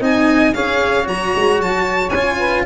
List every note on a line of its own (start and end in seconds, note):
0.00 0.54 C4
0.00 0.54 D#4
0.00 0.53 D#5
0.00 0.54 G#5
0.54 1.07 C#4
0.54 1.03 G#4
0.54 2.38 C#5
0.54 1.07 F5
1.03 1.34 F#3
1.03 2.09 F#4
1.03 1.61 A#5
1.36 1.59 G#3
1.59 2.12 F#3
1.59 2.10 A5
2.10 2.66 C#4
2.10 2.66 F4
2.10 2.63 G#5
2.38 2.64 B4